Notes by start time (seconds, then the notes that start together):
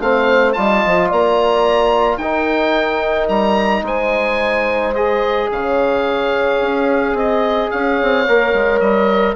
0.00 A3 C4 C5 F5
0.52 G3 F4 D#5 A5
0.85 F3
1.09 A#3 D5 A#5
2.17 D#4 A#4 G5
3.28 G3 A#5
3.82 G#3 C5 G#5
4.94 G#4 D#5
5.51 C#3 C#5 F5
6.61 C#4
7.13 C4 D#5
7.70 C#4 C#5 F5
8.02 C4
8.28 A#3 A#4
8.53 G#3
8.79 G3 D#5